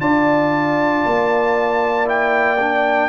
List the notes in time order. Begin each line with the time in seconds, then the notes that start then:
0.00 D4 F4 D5 A5
1.05 A#3
2.06 E4 G5
2.60 D4